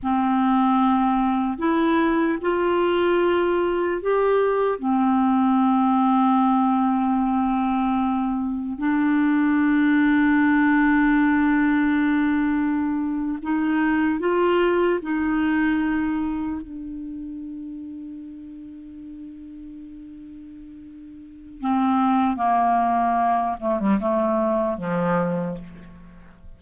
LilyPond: \new Staff \with { instrumentName = "clarinet" } { \time 4/4 \tempo 4 = 75 c'2 e'4 f'4~ | f'4 g'4 c'2~ | c'2. d'4~ | d'1~ |
d'8. dis'4 f'4 dis'4~ dis'16~ | dis'8. d'2.~ d'16~ | d'2. c'4 | ais4. a16 g16 a4 f4 | }